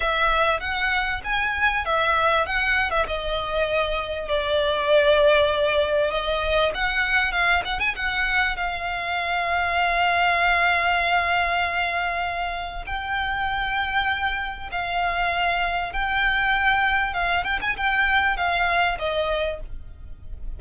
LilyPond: \new Staff \with { instrumentName = "violin" } { \time 4/4 \tempo 4 = 98 e''4 fis''4 gis''4 e''4 | fis''8. e''16 dis''2 d''4~ | d''2 dis''4 fis''4 | f''8 fis''16 gis''16 fis''4 f''2~ |
f''1~ | f''4 g''2. | f''2 g''2 | f''8 g''16 gis''16 g''4 f''4 dis''4 | }